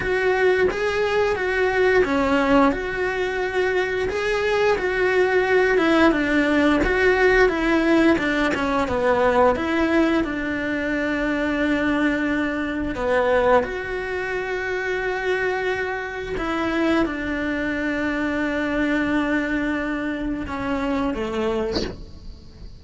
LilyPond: \new Staff \with { instrumentName = "cello" } { \time 4/4 \tempo 4 = 88 fis'4 gis'4 fis'4 cis'4 | fis'2 gis'4 fis'4~ | fis'8 e'8 d'4 fis'4 e'4 | d'8 cis'8 b4 e'4 d'4~ |
d'2. b4 | fis'1 | e'4 d'2.~ | d'2 cis'4 a4 | }